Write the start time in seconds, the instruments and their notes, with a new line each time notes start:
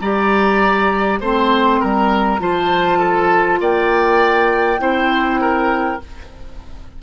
0.00 bassoon G3, clarinet G4, oboe D5, flute A#5
1.20 bassoon A3, clarinet C4, oboe C5, flute C6
1.80 bassoon G3, oboe A#4, flute A#5
2.40 bassoon F3, clarinet F4, oboe C5, flute A5
2.99 oboe A4
3.60 bassoon A#3, oboe D5, flute G5
4.79 bassoon C4, clarinet E4, oboe C5
5.41 oboe A#4